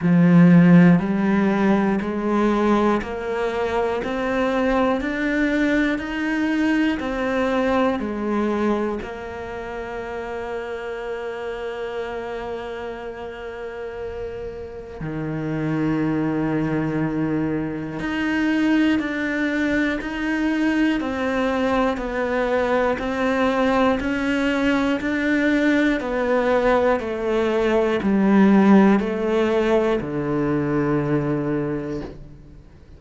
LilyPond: \new Staff \with { instrumentName = "cello" } { \time 4/4 \tempo 4 = 60 f4 g4 gis4 ais4 | c'4 d'4 dis'4 c'4 | gis4 ais2.~ | ais2. dis4~ |
dis2 dis'4 d'4 | dis'4 c'4 b4 c'4 | cis'4 d'4 b4 a4 | g4 a4 d2 | }